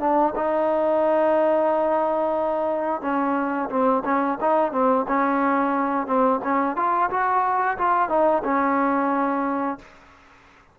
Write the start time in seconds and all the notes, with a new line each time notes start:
0.00 D4
0.36 D#4
3.02 C#4
3.70 C4
4.05 C#4
4.41 D#4
4.72 C4
5.08 C#4
6.07 C4
6.44 C#4
6.77 F4
7.10 F#4
7.78 F4
8.09 D#4
8.44 C#4